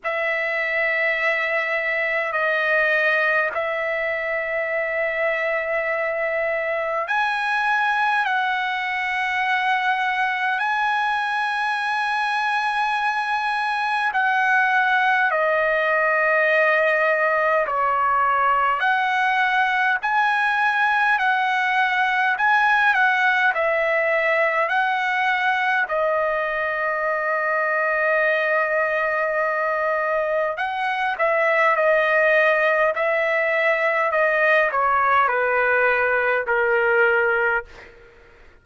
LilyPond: \new Staff \with { instrumentName = "trumpet" } { \time 4/4 \tempo 4 = 51 e''2 dis''4 e''4~ | e''2 gis''4 fis''4~ | fis''4 gis''2. | fis''4 dis''2 cis''4 |
fis''4 gis''4 fis''4 gis''8 fis''8 | e''4 fis''4 dis''2~ | dis''2 fis''8 e''8 dis''4 | e''4 dis''8 cis''8 b'4 ais'4 | }